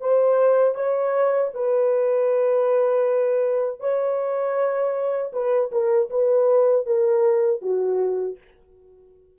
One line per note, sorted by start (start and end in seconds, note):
0.00 0.75 C5
0.75 1.51 C#5
1.54 3.79 B4
3.79 5.31 C#5
5.33 5.71 B4
5.71 6.09 A#4
6.10 6.86 B4
6.86 7.61 A#4
7.61 8.37 F#4